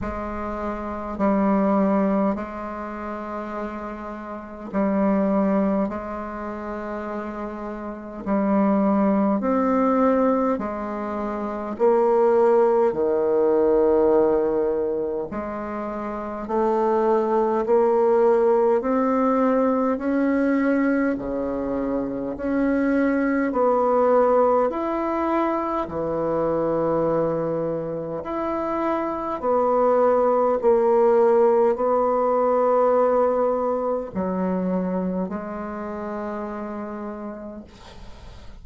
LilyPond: \new Staff \with { instrumentName = "bassoon" } { \time 4/4 \tempo 4 = 51 gis4 g4 gis2 | g4 gis2 g4 | c'4 gis4 ais4 dis4~ | dis4 gis4 a4 ais4 |
c'4 cis'4 cis4 cis'4 | b4 e'4 e2 | e'4 b4 ais4 b4~ | b4 fis4 gis2 | }